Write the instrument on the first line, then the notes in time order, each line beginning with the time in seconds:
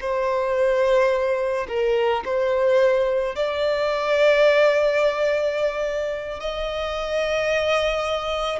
violin
0.00 C5
1.68 A#4
2.25 C5
3.35 D5
6.40 D#5